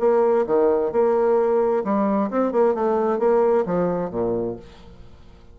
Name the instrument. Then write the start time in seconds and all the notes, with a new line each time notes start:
bassoon
0.00 A#3
0.47 D#3
0.92 A#3
1.84 G3
2.31 C4
2.52 A#3
2.75 A3
3.19 A#3
3.66 F3
4.10 A#2